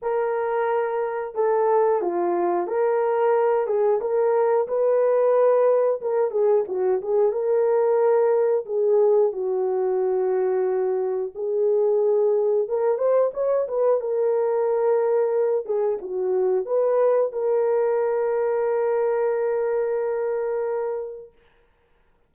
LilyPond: \new Staff \with { instrumentName = "horn" } { \time 4/4 \tempo 4 = 90 ais'2 a'4 f'4 | ais'4. gis'8 ais'4 b'4~ | b'4 ais'8 gis'8 fis'8 gis'8 ais'4~ | ais'4 gis'4 fis'2~ |
fis'4 gis'2 ais'8 c''8 | cis''8 b'8 ais'2~ ais'8 gis'8 | fis'4 b'4 ais'2~ | ais'1 | }